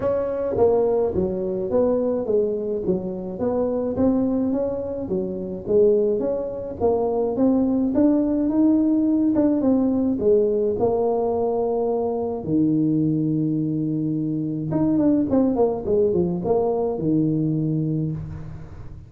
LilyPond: \new Staff \with { instrumentName = "tuba" } { \time 4/4 \tempo 4 = 106 cis'4 ais4 fis4 b4 | gis4 fis4 b4 c'4 | cis'4 fis4 gis4 cis'4 | ais4 c'4 d'4 dis'4~ |
dis'8 d'8 c'4 gis4 ais4~ | ais2 dis2~ | dis2 dis'8 d'8 c'8 ais8 | gis8 f8 ais4 dis2 | }